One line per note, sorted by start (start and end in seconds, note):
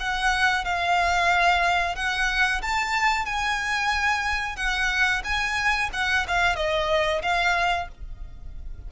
0.00 0.65 F#5
0.65 1.96 F5
1.96 2.62 F#5
2.62 3.26 A5
3.26 4.56 G#5
4.56 5.22 F#5
5.24 5.90 G#5
5.93 6.26 F#5
6.28 6.56 F5
6.56 7.22 D#5
7.22 7.88 F5